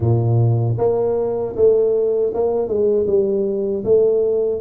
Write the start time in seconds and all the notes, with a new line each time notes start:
0.00 A#2
0.78 A#3
1.56 A3
2.34 A#3
2.67 G#3
3.07 G3
3.84 A3